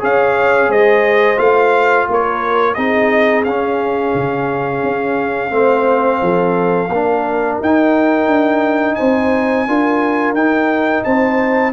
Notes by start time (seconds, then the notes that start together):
0.00 C#4 G#4 C#5 F5
0.69 G#3 C5 D#5
1.37 A3 F4 F5
2.09 A#3 A#4 C#5
2.75 C4 D#4 G#4 D#5
3.45 C#4 F5
4.15 C#3
4.83 C#4
5.51 A3 C4 C5
6.22 F3 A4
6.89 A#3 D4 A#4
7.61 D#4 G5
8.28 D4
8.96 C4 C5 G#5
9.68 D4 F4 A#4
10.33 D#4 G5
11.04 C4 C5 A5